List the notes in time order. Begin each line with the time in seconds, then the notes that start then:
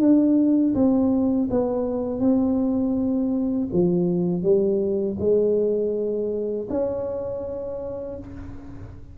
0.00 D4
0.75 C4
1.51 B3
2.20 C4
3.73 F3
4.43 G3
5.20 G#3
6.70 C#4